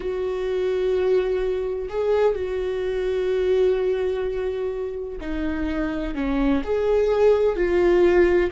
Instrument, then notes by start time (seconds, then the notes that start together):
viola
0.00 F#4
1.89 G#4
2.35 F#4
5.20 D#4
6.14 C#4
6.64 G#4
7.55 F4